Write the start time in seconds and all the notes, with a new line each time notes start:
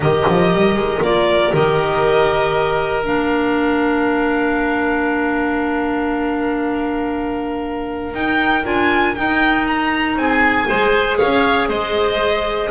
0.00 D#3 G4 A#4 D#5
0.28 F3
0.53 G3
0.73 G#3
1.01 A#3 F4 D5
1.51 D#3 G4 D#5
3.03 A#3 D4 F5
8.13 D#4 G5
8.64 D4 F4 G#5
9.15 D#4 G5
9.67 A#5
10.16 C4 G#4 G#5
10.66 G#3 G#4 C5
11.17 C#4 C#5 F5
11.68 G#3 C5 D#5